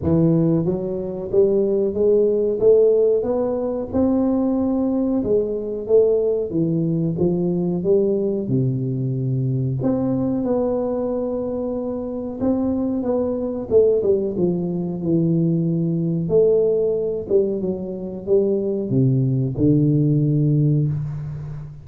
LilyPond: \new Staff \with { instrumentName = "tuba" } { \time 4/4 \tempo 4 = 92 e4 fis4 g4 gis4 | a4 b4 c'2 | gis4 a4 e4 f4 | g4 c2 c'4 |
b2. c'4 | b4 a8 g8 f4 e4~ | e4 a4. g8 fis4 | g4 c4 d2 | }